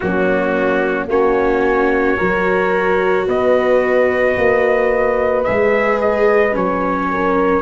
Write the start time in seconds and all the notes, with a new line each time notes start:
0.00 F#3 A#3 C#4 F#4
1.07 A#3 C#4 F#4 C#5
2.17 F#3 F#4 A#4
3.27 B3 B4 D#5
4.36 A#3
5.43 G#3 G#4 E5
6.00 D#5
6.52 F#3 C#4 C#5
7.10 A#4